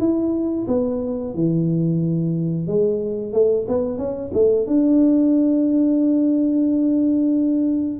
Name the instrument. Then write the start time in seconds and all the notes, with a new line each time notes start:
tuba
0.00 E4
0.68 B3
1.35 E3
2.68 G#3
3.33 A3
3.68 B3
3.98 C#4
4.34 A3
4.67 D4